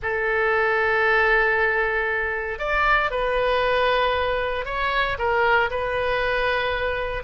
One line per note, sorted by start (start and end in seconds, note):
0.02 2.59 A4
2.59 3.10 D5
3.10 4.65 B4
4.65 5.17 C#5
5.18 5.70 A#4
5.70 7.23 B4